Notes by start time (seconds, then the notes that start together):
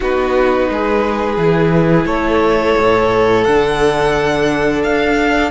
0.00 B3 D#4 F#4 B4
0.69 G#3 G#4
1.37 E3 E4
2.05 A3 A4 C#5
2.78 A2
3.44 D3 D4 F#5
4.83 D4 F5